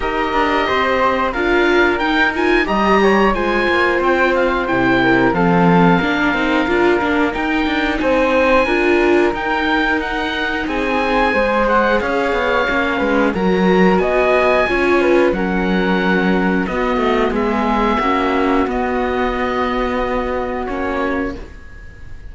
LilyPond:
<<
  \new Staff \with { instrumentName = "oboe" } { \time 4/4 \tempo 4 = 90 dis''2 f''4 g''8 gis''8 | ais''4 gis''4 g''8 f''8 g''4 | f''2. g''4 | gis''2 g''4 fis''4 |
gis''4. fis''8 f''2 | ais''4 gis''2 fis''4~ | fis''4 dis''4 e''2 | dis''2. cis''4 | }
  \new Staff \with { instrumentName = "flute" } { \time 4/4 ais'4 c''4 ais'2 | dis''8 cis''8 c''2~ c''8 ais'8 | a'4 ais'2. | c''4 ais'2. |
gis'4 c''4 cis''4. b'8 | ais'4 dis''4 cis''8 b'8 ais'4~ | ais'4 fis'4 gis'4 fis'4~ | fis'1 | }
  \new Staff \with { instrumentName = "viola" } { \time 4/4 g'2 f'4 dis'8 f'8 | g'4 f'2 e'4 | c'4 d'8 dis'8 f'8 d'8 dis'4~ | dis'4 f'4 dis'2~ |
dis'4 gis'2 cis'4 | fis'2 f'4 cis'4~ | cis'4 b2 cis'4 | b2. cis'4 | }
  \new Staff \with { instrumentName = "cello" } { \time 4/4 dis'8 d'8 c'4 d'4 dis'4 | g4 gis8 ais8 c'4 c4 | f4 ais8 c'8 d'8 ais8 dis'8 d'8 | c'4 d'4 dis'2 |
c'4 gis4 cis'8 b8 ais8 gis8 | fis4 b4 cis'4 fis4~ | fis4 b8 a8 gis4 ais4 | b2. ais4 | }
>>